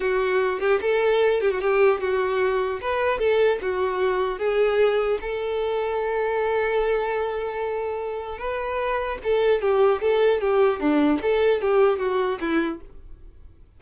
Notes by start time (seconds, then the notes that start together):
0.00 F#4
0.60 G4
0.81 A4
1.40 G4
1.50 F#4
1.61 G4
2.00 F#4
2.81 B4
3.18 A4
3.61 F#4
4.38 G#4
5.21 A4
8.38 B4
9.23 A4
9.61 G4
10.01 A4
10.40 G4
10.79 D4
11.21 A4
11.61 G4
11.98 F#4
12.40 E4